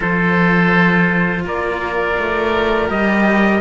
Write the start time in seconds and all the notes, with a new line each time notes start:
0.00 F3 F4 A4 C5
1.44 A#3 A#4 D5
2.19 A3
2.88 G3 G4 D#5